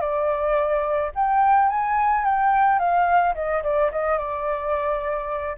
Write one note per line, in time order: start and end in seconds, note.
0.00 1.11 D5
1.15 1.69 G5
1.69 2.24 G#5
2.24 2.79 G5
2.79 3.34 F5
3.35 3.62 D#5
3.63 3.91 D5
3.92 4.18 D#5
4.18 5.57 D5